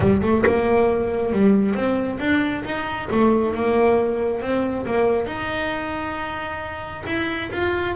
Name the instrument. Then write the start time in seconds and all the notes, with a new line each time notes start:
double bass
0.00 G3
0.22 A3
0.46 A#3
1.32 G3
1.74 C4
2.19 D4
2.64 D#4
3.11 A3
3.54 A#3
4.41 C4
4.86 A#3
5.26 D#4
7.06 E4
7.51 F4